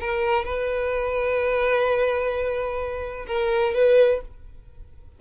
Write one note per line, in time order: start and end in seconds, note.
0.00 0.45 A#4
0.45 3.26 B4
3.27 3.74 A#4
3.74 4.21 B4